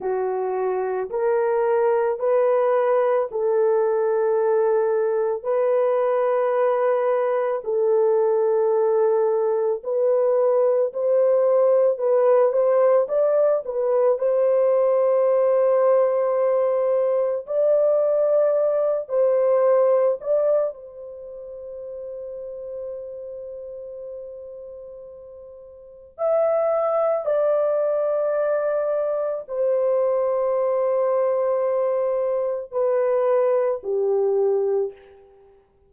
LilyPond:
\new Staff \with { instrumentName = "horn" } { \time 4/4 \tempo 4 = 55 fis'4 ais'4 b'4 a'4~ | a'4 b'2 a'4~ | a'4 b'4 c''4 b'8 c''8 | d''8 b'8 c''2. |
d''4. c''4 d''8 c''4~ | c''1 | e''4 d''2 c''4~ | c''2 b'4 g'4 | }